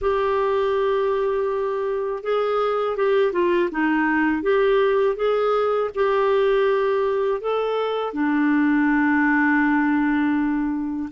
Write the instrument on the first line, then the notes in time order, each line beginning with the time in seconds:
clarinet
0.01 G4
2.23 G#4
2.96 G4
3.32 F4
3.71 D#4
4.42 G4
5.16 G#4
5.94 G4
7.41 A4
8.13 D4